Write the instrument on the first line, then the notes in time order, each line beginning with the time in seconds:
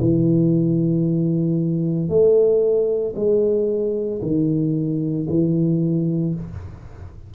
tuba
0.00 E3
2.09 A3
3.16 G#3
4.22 D#3
5.30 E3